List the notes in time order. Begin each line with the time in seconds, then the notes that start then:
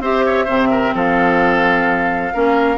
0.00 C4 G4 C5 E5
0.26 C#5
0.45 C3 C4 C5
0.71 A#4
0.94 F3 A4 F5
2.34 A#3 C#4 A#4